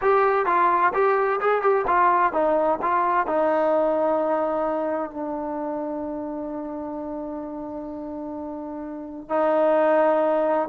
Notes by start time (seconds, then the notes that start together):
0.01 G4
0.46 F4
0.93 G4
1.40 G#4
1.62 G4
1.87 F4
2.32 D#4
2.81 F4
3.26 D#4
5.11 D4
9.29 D#4